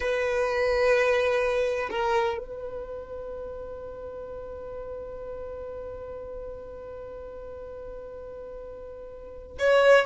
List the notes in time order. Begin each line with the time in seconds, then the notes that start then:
0.00 B4
1.90 A#4
2.38 B4
9.58 C#5